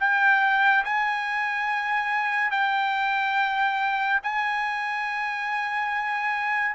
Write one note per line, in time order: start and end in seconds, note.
0.00 0.85 G5
0.85 2.51 G#5
2.51 4.20 G5
4.23 6.75 G#5